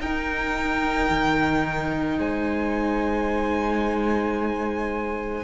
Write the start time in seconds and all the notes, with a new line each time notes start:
0.00 D#4 A#4 G5
1.10 D#3
2.18 G#3 C5 G#5